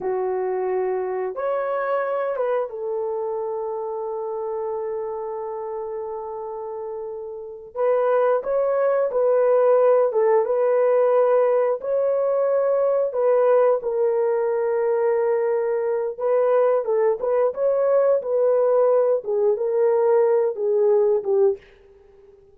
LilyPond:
\new Staff \with { instrumentName = "horn" } { \time 4/4 \tempo 4 = 89 fis'2 cis''4. b'8 | a'1~ | a'2.~ a'8 b'8~ | b'8 cis''4 b'4. a'8 b'8~ |
b'4. cis''2 b'8~ | b'8 ais'2.~ ais'8 | b'4 a'8 b'8 cis''4 b'4~ | b'8 gis'8 ais'4. gis'4 g'8 | }